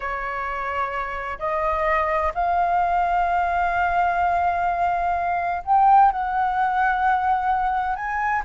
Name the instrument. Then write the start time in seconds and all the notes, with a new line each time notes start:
flute
0.00 C#5
1.38 D#5
2.34 F5
5.64 G5
6.11 F#5
7.95 G#5